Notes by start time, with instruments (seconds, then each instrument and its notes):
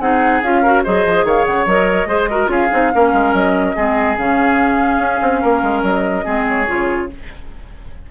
0.00 bassoon C4, clarinet D#4, oboe G#4, flute F#5
0.42 bassoon C#4, clarinet F4, flute F5
0.62 clarinet F#4, oboe A#4
0.84 bassoon F#3, clarinet G#4, oboe C5, flute D#5
1.05 bassoon F3
1.25 bassoon D#3, oboe C#5, flute F5
1.45 bassoon C#3, flute F#5
1.66 bassoon F#3, clarinet A#4, flute D#5
2.06 bassoon G#3, clarinet G#4, oboe C5
2.31 clarinet F#4, oboe A#4
2.47 bassoon C#4, clarinet F4, oboe G#4, flute F5
2.72 bassoon C4, clarinet D#4
2.93 bassoon A#3, clarinet C#4, oboe A#4
3.13 bassoon G#3
3.33 bassoon F#3, flute D#5
3.76 bassoon G#3, clarinet C4, oboe G#4
4.18 bassoon C#3, clarinet C#4, flute F5
4.99 bassoon C#4
5.22 bassoon C4
5.42 bassoon A#3, oboe A#4
5.63 bassoon G#3
5.83 bassoon F#3, flute D#5
6.24 bassoon G#3, clarinet C4, oboe G#4
6.49 flute C#5
6.67 bassoon C#3, clarinet F4